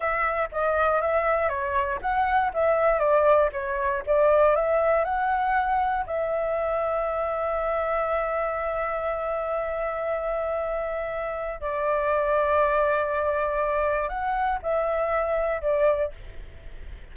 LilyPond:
\new Staff \with { instrumentName = "flute" } { \time 4/4 \tempo 4 = 119 e''4 dis''4 e''4 cis''4 | fis''4 e''4 d''4 cis''4 | d''4 e''4 fis''2 | e''1~ |
e''1~ | e''2. d''4~ | d''1 | fis''4 e''2 d''4 | }